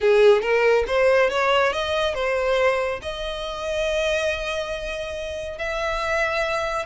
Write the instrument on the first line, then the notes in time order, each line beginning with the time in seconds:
violin
0.00 G#4
0.41 A#4
0.87 C5
1.30 C#5
1.72 D#5
2.14 C5
3.02 D#5
5.58 E5